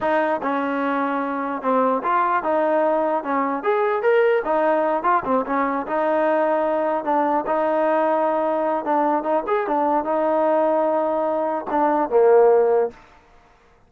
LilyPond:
\new Staff \with { instrumentName = "trombone" } { \time 4/4 \tempo 4 = 149 dis'4 cis'2. | c'4 f'4 dis'2 | cis'4 gis'4 ais'4 dis'4~ | dis'8 f'8 c'8 cis'4 dis'4.~ |
dis'4. d'4 dis'4.~ | dis'2 d'4 dis'8 gis'8 | d'4 dis'2.~ | dis'4 d'4 ais2 | }